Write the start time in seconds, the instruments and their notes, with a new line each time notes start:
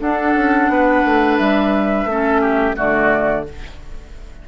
0.00 bassoon D4, clarinet D4, oboe A4, flute F#5
0.35 bassoon C#4
0.68 bassoon B3, oboe B4
1.05 bassoon A3
1.37 bassoon G3, flute E5
2.05 bassoon A3, clarinet C#4
2.11 oboe A4
2.41 oboe G4
2.75 bassoon D3, clarinet A3, oboe F#4, flute D5